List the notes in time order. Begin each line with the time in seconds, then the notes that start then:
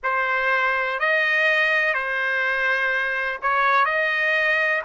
0.03 C5
0.99 D#5
1.94 C5
3.42 C#5
3.84 D#5